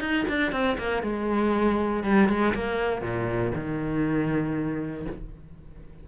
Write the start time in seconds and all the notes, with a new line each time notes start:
0.00 D#4
0.29 D4
0.52 C4
0.78 A#3
1.02 G#3
2.03 G3
2.28 G#3
2.54 A#3
3.02 A#2
3.55 D#3